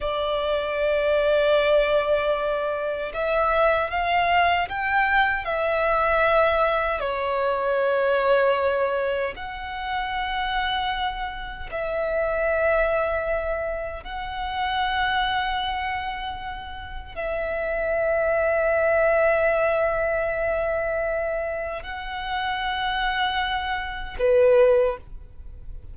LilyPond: \new Staff \with { instrumentName = "violin" } { \time 4/4 \tempo 4 = 77 d''1 | e''4 f''4 g''4 e''4~ | e''4 cis''2. | fis''2. e''4~ |
e''2 fis''2~ | fis''2 e''2~ | e''1 | fis''2. b'4 | }